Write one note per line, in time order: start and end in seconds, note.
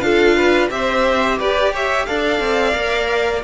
0.00 0.69 D4
0.00 0.70 F4
0.00 0.36 A4
0.00 0.68 F5
0.36 0.70 B4
0.70 1.39 C4
0.70 2.06 G4
0.70 1.38 C5
0.70 1.39 E5
1.38 2.08 G4
1.38 1.73 B4
1.38 1.74 D5
1.73 2.07 C#5
1.73 2.06 E5
2.06 2.40 D4
2.06 2.73 A4
2.06 3.44 D5
2.06 3.42 F5
2.40 2.74 C4
2.73 3.43 A#3
2.73 3.42 A#4